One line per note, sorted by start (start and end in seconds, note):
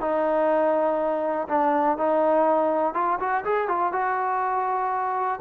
0.00 1.48 D#4
1.48 1.97 D4
1.97 2.94 D#4
2.94 3.18 F4
3.19 3.44 F#4
3.44 3.68 G#4
3.68 3.92 F4
3.92 5.40 F#4